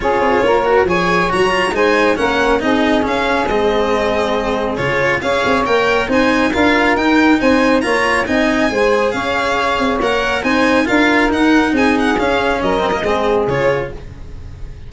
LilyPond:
<<
  \new Staff \with { instrumentName = "violin" } { \time 4/4 \tempo 4 = 138 cis''2 gis''4 ais''4 | gis''4 fis''4 dis''4 f''4 | dis''2. cis''4 | f''4 g''4 gis''4 f''4 |
g''4 gis''4 ais''4 gis''4~ | gis''4 f''2 fis''4 | gis''4 f''4 fis''4 gis''8 fis''8 | f''4 dis''2 cis''4 | }
  \new Staff \with { instrumentName = "saxophone" } { \time 4/4 gis'4 ais'4 cis''2 | c''4 ais'4 gis'2~ | gis'1 | cis''2 c''4 ais'4~ |
ais'4 c''4 cis''4 dis''4 | c''4 cis''2. | c''4 ais'2 gis'4~ | gis'4 ais'4 gis'2 | }
  \new Staff \with { instrumentName = "cello" } { \time 4/4 f'4. fis'8 gis'4 fis'8 f'8 | dis'4 cis'4 dis'4 cis'4 | c'2. f'4 | gis'4 ais'4 dis'4 f'4 |
dis'2 f'4 dis'4 | gis'2. ais'4 | dis'4 f'4 dis'2 | cis'4. c'16 ais16 c'4 f'4 | }
  \new Staff \with { instrumentName = "tuba" } { \time 4/4 cis'8 c'8 ais4 f4 fis4 | gis4 ais4 c'4 cis'4 | gis2. cis4 | cis'8 c'8 ais4 c'4 d'4 |
dis'4 c'4 ais4 c'4 | gis4 cis'4. c'8 ais4 | c'4 d'4 dis'4 c'4 | cis'4 fis4 gis4 cis4 | }
>>